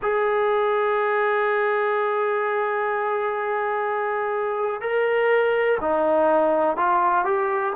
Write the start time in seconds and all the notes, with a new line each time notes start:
0.01 G#4
4.81 A#4
5.80 D#4
6.77 F4
7.24 G4